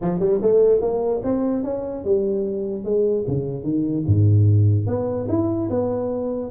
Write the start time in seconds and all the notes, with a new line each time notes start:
0.01 F3
0.19 G3
0.41 A3
0.81 A#3
1.23 C4
1.63 C#4
2.04 G3
2.84 G#3
3.27 C#3
3.63 D#3
4.06 G#2
4.86 B3
5.28 E4
5.70 B3